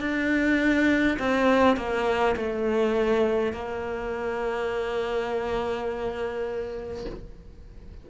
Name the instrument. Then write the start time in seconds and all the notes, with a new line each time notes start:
cello
0.00 D4
1.19 C4
1.76 A#3
2.36 A3
3.52 A#3